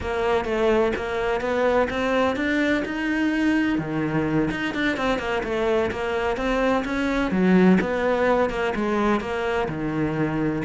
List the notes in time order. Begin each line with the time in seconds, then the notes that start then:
0.00 A#3
0.45 A3
0.96 A#3
1.40 B3
1.90 C4
2.36 D4
2.85 D#4
3.78 D#3
4.50 D#4
4.74 D4
4.96 C4
5.18 A#3
5.43 A3
5.91 A#3
6.37 C4
6.84 C#4
7.31 F#3
7.80 B3
8.50 A#3
8.75 G#3
9.20 A#3
9.68 D#3